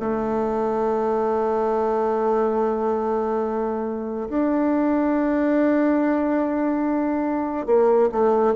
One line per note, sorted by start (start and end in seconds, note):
0.00 4.29 A3
4.29 7.66 D4
7.66 8.09 A#3
8.12 8.54 A3